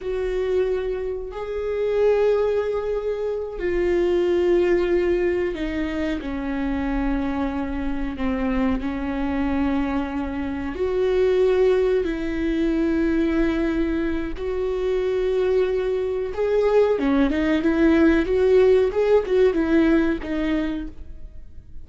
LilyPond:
\new Staff \with { instrumentName = "viola" } { \time 4/4 \tempo 4 = 92 fis'2 gis'2~ | gis'4. f'2~ f'8~ | f'8 dis'4 cis'2~ cis'8~ | cis'8 c'4 cis'2~ cis'8~ |
cis'8 fis'2 e'4.~ | e'2 fis'2~ | fis'4 gis'4 cis'8 dis'8 e'4 | fis'4 gis'8 fis'8 e'4 dis'4 | }